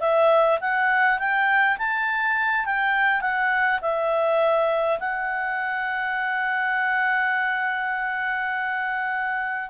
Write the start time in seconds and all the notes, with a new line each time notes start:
0.00 E5
0.60 F#5
1.18 G5
1.78 A5
2.65 G5
3.21 F#5
3.81 E5
4.99 F#5